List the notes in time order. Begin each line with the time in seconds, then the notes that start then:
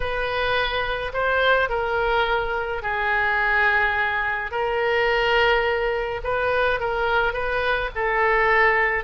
0.00 B4
1.13 C5
1.69 A#4
2.82 G#4
4.51 A#4
6.23 B4
6.80 A#4
7.33 B4
7.95 A4